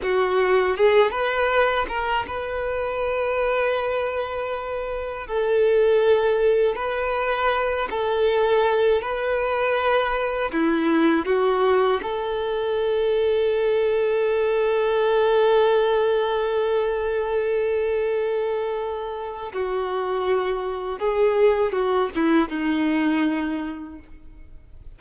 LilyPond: \new Staff \with { instrumentName = "violin" } { \time 4/4 \tempo 4 = 80 fis'4 gis'8 b'4 ais'8 b'4~ | b'2. a'4~ | a'4 b'4. a'4. | b'2 e'4 fis'4 |
a'1~ | a'1~ | a'2 fis'2 | gis'4 fis'8 e'8 dis'2 | }